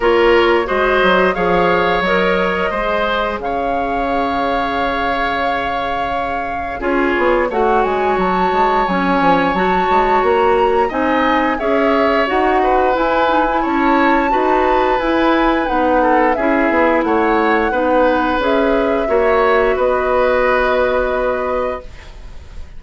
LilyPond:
<<
  \new Staff \with { instrumentName = "flute" } { \time 4/4 \tempo 4 = 88 cis''4 dis''4 f''4 dis''4~ | dis''4 f''2.~ | f''2 cis''4 fis''8 gis''8 | a''4 gis''4 a''4 ais''4 |
gis''4 e''4 fis''4 gis''4 | a''2 gis''4 fis''4 | e''4 fis''2 e''4~ | e''4 dis''2. | }
  \new Staff \with { instrumentName = "oboe" } { \time 4/4 ais'4 c''4 cis''2 | c''4 cis''2.~ | cis''2 gis'4 cis''4~ | cis''1 |
dis''4 cis''4. b'4. | cis''4 b'2~ b'8 a'8 | gis'4 cis''4 b'2 | cis''4 b'2. | }
  \new Staff \with { instrumentName = "clarinet" } { \time 4/4 f'4 fis'4 gis'4 ais'4 | gis'1~ | gis'2 f'4 fis'4~ | fis'4 cis'4 fis'2 |
dis'4 gis'4 fis'4 e'8 dis'16 e'16~ | e'4 fis'4 e'4 dis'4 | e'2 dis'4 gis'4 | fis'1 | }
  \new Staff \with { instrumentName = "bassoon" } { \time 4/4 ais4 gis8 fis8 f4 fis4 | gis4 cis2.~ | cis2 cis'8 b8 a8 gis8 | fis8 gis8 fis8 f8 fis8 gis8 ais4 |
c'4 cis'4 dis'4 e'4 | cis'4 dis'4 e'4 b4 | cis'8 b8 a4 b4 cis'4 | ais4 b2. | }
>>